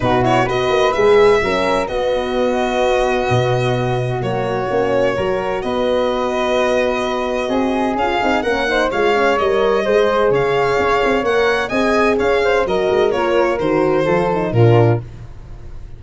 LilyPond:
<<
  \new Staff \with { instrumentName = "violin" } { \time 4/4 \tempo 4 = 128 b'8 cis''8 dis''4 e''2 | dis''1~ | dis''4 cis''2. | dis''1~ |
dis''4 f''4 fis''4 f''4 | dis''2 f''2 | fis''4 gis''4 f''4 dis''4 | cis''4 c''2 ais'4 | }
  \new Staff \with { instrumentName = "flute" } { \time 4/4 fis'4 b'2 ais'4 | fis'1~ | fis'2. ais'4 | b'1 |
gis'2 ais'8 c''8 cis''4~ | cis''4 c''4 cis''2~ | cis''4 dis''4 cis''8 c''8 ais'4~ | ais'2 a'4 f'4 | }
  \new Staff \with { instrumentName = "horn" } { \time 4/4 dis'8 e'8 fis'4 gis'4 cis'4 | b1~ | b4 ais4 cis'4 fis'4~ | fis'1~ |
fis'4 f'8 dis'8 cis'8 dis'8 f'8 cis'8 | ais'4 gis'2. | ais'4 gis'2 fis'4 | f'4 fis'4 f'8 dis'8 d'4 | }
  \new Staff \with { instrumentName = "tuba" } { \time 4/4 b,4 b8 ais8 gis4 fis4 | b2. b,4~ | b,4 fis4 ais4 fis4 | b1 |
c'4 cis'8 c'8 ais4 gis4 | g4 gis4 cis4 cis'8 c'8 | ais4 c'4 cis'4 fis8 gis8 | ais4 dis4 f4 ais,4 | }
>>